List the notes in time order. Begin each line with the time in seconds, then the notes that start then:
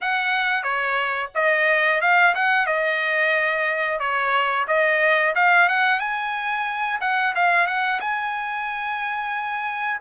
0.01 F#5
0.63 C#5
1.35 D#5
2.01 F5
2.35 F#5
2.66 D#5
3.99 C#5
4.67 D#5
5.35 F5
5.68 F#5
5.99 G#5
7.00 F#5
7.35 F5
7.66 F#5
8.00 G#5